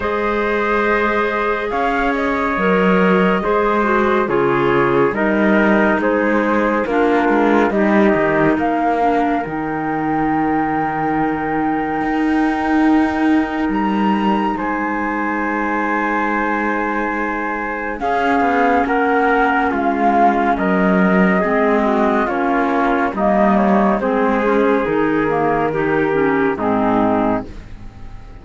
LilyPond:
<<
  \new Staff \with { instrumentName = "flute" } { \time 4/4 \tempo 4 = 70 dis''2 f''8 dis''4.~ | dis''4 cis''4 dis''4 c''4 | ais'4 dis''4 f''4 g''4~ | g''1 |
ais''4 gis''2.~ | gis''4 f''4 fis''4 f''4 | dis''2 cis''4 dis''8 cis''8 | c''4 ais'2 gis'4 | }
  \new Staff \with { instrumentName = "trumpet" } { \time 4/4 c''2 cis''2 | c''4 gis'4 ais'4 gis'4 | f'4 g'4 ais'2~ | ais'1~ |
ais'4 c''2.~ | c''4 gis'4 ais'4 f'4 | ais'4 gis'8 fis'8 f'4 dis'4 | gis'2 g'4 dis'4 | }
  \new Staff \with { instrumentName = "clarinet" } { \time 4/4 gis'2. ais'4 | gis'8 fis'8 f'4 dis'2 | d'4 dis'4. d'8 dis'4~ | dis'1~ |
dis'1~ | dis'4 cis'2.~ | cis'4 c'4 cis'4 ais4 | c'8 cis'8 dis'8 ais8 dis'8 cis'8 c'4 | }
  \new Staff \with { instrumentName = "cello" } { \time 4/4 gis2 cis'4 fis4 | gis4 cis4 g4 gis4 | ais8 gis8 g8 dis8 ais4 dis4~ | dis2 dis'2 |
g4 gis2.~ | gis4 cis'8 b8 ais4 gis4 | fis4 gis4 ais4 g4 | gis4 dis2 gis,4 | }
>>